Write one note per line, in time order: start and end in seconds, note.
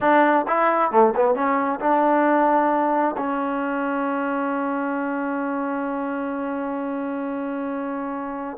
0.00 0.46 D4
0.47 0.91 E4
0.91 1.13 A3
1.15 1.34 B3
1.34 1.79 C#4
1.80 3.15 D4
3.17 8.57 C#4